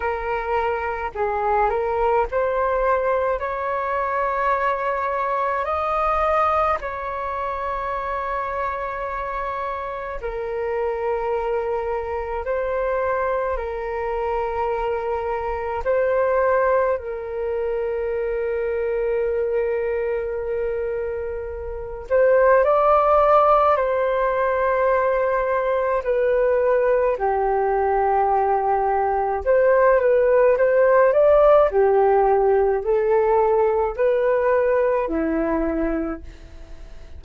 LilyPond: \new Staff \with { instrumentName = "flute" } { \time 4/4 \tempo 4 = 53 ais'4 gis'8 ais'8 c''4 cis''4~ | cis''4 dis''4 cis''2~ | cis''4 ais'2 c''4 | ais'2 c''4 ais'4~ |
ais'2.~ ais'8 c''8 | d''4 c''2 b'4 | g'2 c''8 b'8 c''8 d''8 | g'4 a'4 b'4 e'4 | }